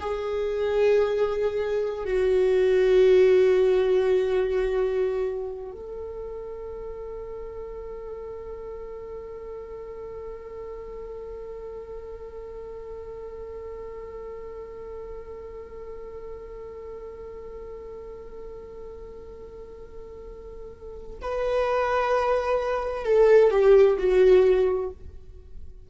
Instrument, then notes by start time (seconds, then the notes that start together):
viola
0.00 G#4
2.05 F#4
5.72 A4
21.22 B4
23.05 A4
23.51 G4
23.98 F#4